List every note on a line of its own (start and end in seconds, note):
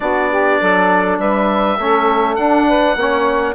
0.00 0.60 B3
0.00 1.78 D4
0.00 0.30 F#4
0.00 1.17 D5
0.30 0.59 G4
0.59 1.19 F#3
0.59 1.19 A4
1.19 1.78 G3
1.19 1.78 B4
1.19 2.35 E5
1.78 2.37 A3
1.78 2.38 C#4
1.78 2.67 A4
2.35 2.95 D4
2.35 2.98 D4
2.35 3.54 F#5
2.67 2.96 B4
2.95 3.54 A#3
2.95 3.54 C#4
2.95 3.54 C#5